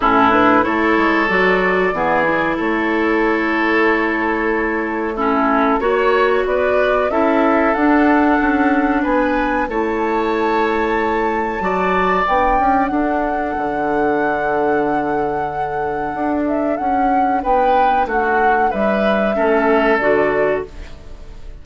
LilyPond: <<
  \new Staff \with { instrumentName = "flute" } { \time 4/4 \tempo 4 = 93 a'8 b'8 cis''4 d''2 | cis''1 | a'4 cis''4 d''4 e''4 | fis''2 gis''4 a''4~ |
a''2. g''4 | fis''1~ | fis''4. e''8 fis''4 g''4 | fis''4 e''2 d''4 | }
  \new Staff \with { instrumentName = "oboe" } { \time 4/4 e'4 a'2 gis'4 | a'1 | e'4 cis''4 b'4 a'4~ | a'2 b'4 cis''4~ |
cis''2 d''2 | a'1~ | a'2. b'4 | fis'4 b'4 a'2 | }
  \new Staff \with { instrumentName = "clarinet" } { \time 4/4 cis'8 d'8 e'4 fis'4 b8 e'8~ | e'1 | cis'4 fis'2 e'4 | d'2. e'4~ |
e'2 fis'4 d'4~ | d'1~ | d'1~ | d'2 cis'4 fis'4 | }
  \new Staff \with { instrumentName = "bassoon" } { \time 4/4 a,4 a8 gis8 fis4 e4 | a1~ | a4 ais4 b4 cis'4 | d'4 cis'4 b4 a4~ |
a2 fis4 b8 cis'8 | d'4 d2.~ | d4 d'4 cis'4 b4 | a4 g4 a4 d4 | }
>>